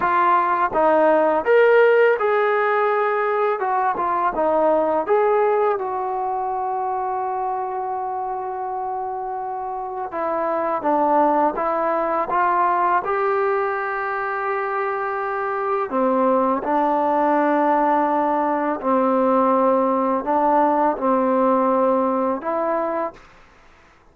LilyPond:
\new Staff \with { instrumentName = "trombone" } { \time 4/4 \tempo 4 = 83 f'4 dis'4 ais'4 gis'4~ | gis'4 fis'8 f'8 dis'4 gis'4 | fis'1~ | fis'2 e'4 d'4 |
e'4 f'4 g'2~ | g'2 c'4 d'4~ | d'2 c'2 | d'4 c'2 e'4 | }